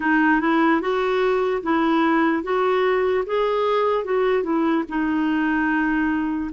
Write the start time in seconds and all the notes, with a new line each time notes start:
0.00 D#4
0.41 E4
0.81 F#4
1.62 E4
2.43 F#4
3.26 G#4
4.04 F#4
4.43 E4
4.88 D#4